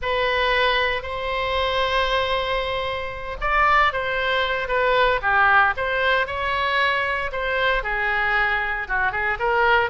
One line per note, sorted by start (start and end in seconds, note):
0.01 1.02 B4
1.02 3.37 C5
3.40 3.92 D5
3.92 4.68 C5
4.68 5.20 B4
5.22 5.74 G4
5.77 6.26 C5
6.26 7.31 C#5
7.32 7.83 C5
7.83 8.87 G#4
8.88 9.12 F#4
9.12 9.38 G#4
9.39 9.90 A#4